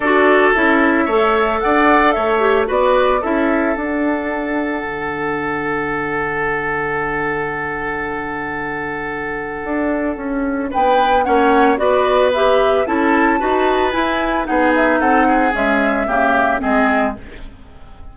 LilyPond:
<<
  \new Staff \with { instrumentName = "flute" } { \time 4/4 \tempo 4 = 112 d''4 e''2 fis''4 | e''4 d''4 e''4 fis''4~ | fis''1~ | fis''1~ |
fis''1 | g''4 fis''4 d''4 e''4 | a''2 gis''4 fis''8 e''8 | fis''4 e''2 dis''4 | }
  \new Staff \with { instrumentName = "oboe" } { \time 4/4 a'2 cis''4 d''4 | cis''4 b'4 a'2~ | a'1~ | a'1~ |
a'1 | b'4 cis''4 b'2 | a'4 b'2 gis'4 | a'8 gis'4. g'4 gis'4 | }
  \new Staff \with { instrumentName = "clarinet" } { \time 4/4 fis'4 e'4 a'2~ | a'8 g'8 fis'4 e'4 d'4~ | d'1~ | d'1~ |
d'1~ | d'4 cis'4 fis'4 g'4 | e'4 fis'4 e'4 dis'4~ | dis'4 gis4 ais4 c'4 | }
  \new Staff \with { instrumentName = "bassoon" } { \time 4/4 d'4 cis'4 a4 d'4 | a4 b4 cis'4 d'4~ | d'4 d2.~ | d1~ |
d2 d'4 cis'4 | b4 ais4 b2 | cis'4 dis'4 e'4 b4 | c'4 cis'4 cis4 gis4 | }
>>